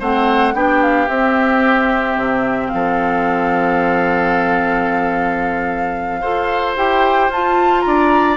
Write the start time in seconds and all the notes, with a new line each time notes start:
0.00 A3 C4 C5 F#5
0.54 B3 D4 G4 G5
0.82 F5
1.09 C4 E5
2.17 C3
2.68 F3 F5
2.75 A4
6.21 F4 A4 C5
6.77 E4 G4 G5
7.29 F4 A5
7.82 D4 D5 A#5